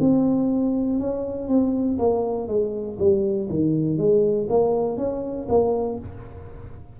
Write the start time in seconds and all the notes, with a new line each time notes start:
0.00 C4
0.99 C#4
1.48 C4
1.98 A#3
2.48 G#3
2.99 G3
3.49 D#3
3.98 G#3
4.49 A#3
4.97 C#4
5.48 A#3